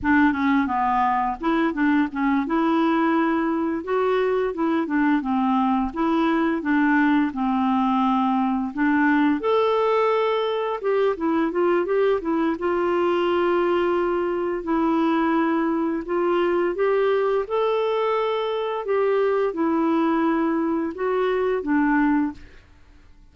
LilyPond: \new Staff \with { instrumentName = "clarinet" } { \time 4/4 \tempo 4 = 86 d'8 cis'8 b4 e'8 d'8 cis'8 e'8~ | e'4. fis'4 e'8 d'8 c'8~ | c'8 e'4 d'4 c'4.~ | c'8 d'4 a'2 g'8 |
e'8 f'8 g'8 e'8 f'2~ | f'4 e'2 f'4 | g'4 a'2 g'4 | e'2 fis'4 d'4 | }